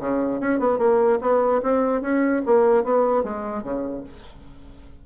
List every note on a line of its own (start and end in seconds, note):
0.00 0.40 C#3
0.40 0.60 C#4
0.60 0.78 B3
0.78 1.19 A#3
1.21 1.61 B3
1.63 2.02 C4
2.02 2.42 C#4
2.46 2.84 A#3
2.84 3.24 B3
3.24 3.63 G#3
3.63 4.04 C#3